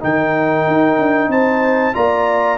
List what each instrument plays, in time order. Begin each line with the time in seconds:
0.00 tuba D#3, trombone D#4, horn A#4, trumpet G5
0.67 tuba D#4
0.98 tuba D4
1.28 tuba C4, horn C5, trumpet A5
1.93 tuba A#3, trombone F4, horn D5, trumpet A#5